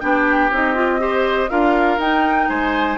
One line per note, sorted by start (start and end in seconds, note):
0.00 0.50 B3
0.00 0.50 D4
0.00 1.01 G4
0.00 0.50 G5
0.50 1.49 C4
0.50 0.74 D#4
0.50 1.49 D#5
0.74 0.99 F4
0.99 1.48 G4
0.99 1.50 C5
1.49 1.98 D4
1.49 1.99 F4
1.49 2.49 A#4
1.49 1.99 F5
1.98 2.47 D#4
1.98 2.97 D#4
1.98 2.49 G5
2.49 2.97 G#3
2.49 2.97 C5
2.49 2.97 G#5